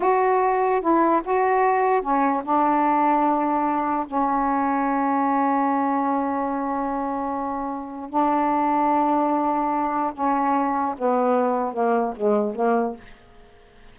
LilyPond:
\new Staff \with { instrumentName = "saxophone" } { \time 4/4 \tempo 4 = 148 fis'2 e'4 fis'4~ | fis'4 cis'4 d'2~ | d'2 cis'2~ | cis'1~ |
cis'1 | d'1~ | d'4 cis'2 b4~ | b4 ais4 gis4 ais4 | }